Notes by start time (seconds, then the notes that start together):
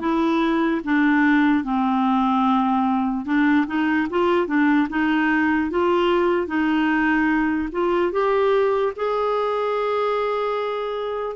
0.00 E4
0.84 D4
1.64 C4
3.25 D4
3.67 D#4
4.10 F4
4.47 D4
4.90 D#4
5.71 F4
6.47 D#4
7.72 F4
8.12 G4
8.96 G#4